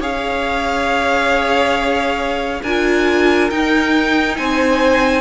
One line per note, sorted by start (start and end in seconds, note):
0.00 2.61 C#4
0.00 2.62 G#4
0.00 2.62 C#5
0.00 2.63 F5
2.62 3.50 D4
2.62 3.51 F4
2.62 4.36 A#4
2.62 3.50 G#5
3.50 4.38 D#4
3.50 5.21 D#4
3.50 4.37 G5
4.37 5.21 C4
4.37 5.21 C5
4.37 5.21 G#5